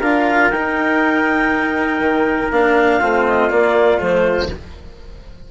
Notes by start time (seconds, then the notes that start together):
0.00 D4 F4 A#4 F5
0.50 D#4 G5
2.00 D#3
2.51 A#3 D4 F5
3.00 A3 C4 F4
3.27 D#5
3.50 A#3 D5
3.98 F3 A3 C5